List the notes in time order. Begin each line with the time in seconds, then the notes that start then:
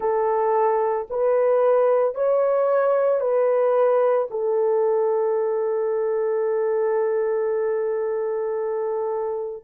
0.00 A4
1.10 B4
2.14 C#5
3.20 B4
4.30 A4